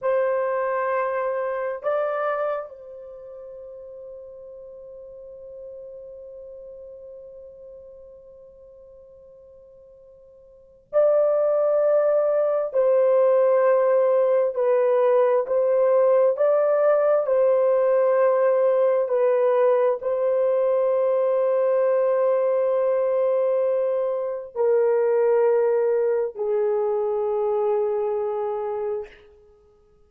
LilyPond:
\new Staff \with { instrumentName = "horn" } { \time 4/4 \tempo 4 = 66 c''2 d''4 c''4~ | c''1~ | c''1 | d''2 c''2 |
b'4 c''4 d''4 c''4~ | c''4 b'4 c''2~ | c''2. ais'4~ | ais'4 gis'2. | }